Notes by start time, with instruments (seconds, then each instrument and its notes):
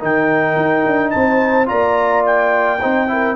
0.00 tuba D#3, trombone D#4, horn A#4, trumpet G5
0.57 tuba D#4
0.86 tuba D4
1.11 tuba C4, horn C5, trumpet A5
1.66 tuba A#3, trombone F4, horn D5, trumpet A#5
2.26 trumpet G5
2.81 tuba C4, trombone D#4, horn C5
3.08 trombone E4, horn A#4